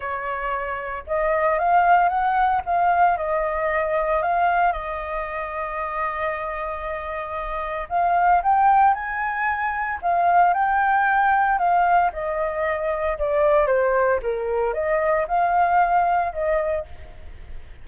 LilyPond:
\new Staff \with { instrumentName = "flute" } { \time 4/4 \tempo 4 = 114 cis''2 dis''4 f''4 | fis''4 f''4 dis''2 | f''4 dis''2.~ | dis''2. f''4 |
g''4 gis''2 f''4 | g''2 f''4 dis''4~ | dis''4 d''4 c''4 ais'4 | dis''4 f''2 dis''4 | }